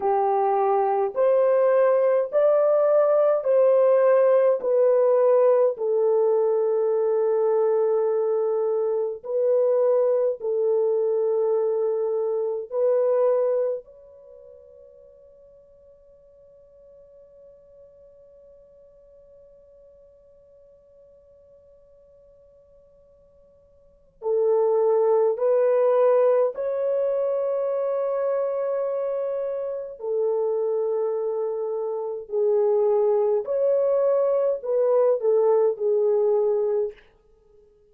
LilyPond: \new Staff \with { instrumentName = "horn" } { \time 4/4 \tempo 4 = 52 g'4 c''4 d''4 c''4 | b'4 a'2. | b'4 a'2 b'4 | cis''1~ |
cis''1~ | cis''4 a'4 b'4 cis''4~ | cis''2 a'2 | gis'4 cis''4 b'8 a'8 gis'4 | }